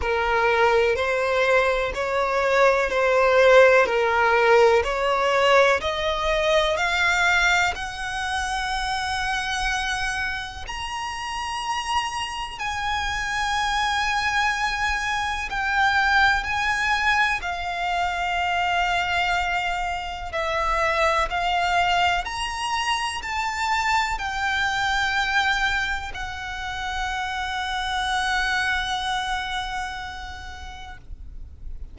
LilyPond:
\new Staff \with { instrumentName = "violin" } { \time 4/4 \tempo 4 = 62 ais'4 c''4 cis''4 c''4 | ais'4 cis''4 dis''4 f''4 | fis''2. ais''4~ | ais''4 gis''2. |
g''4 gis''4 f''2~ | f''4 e''4 f''4 ais''4 | a''4 g''2 fis''4~ | fis''1 | }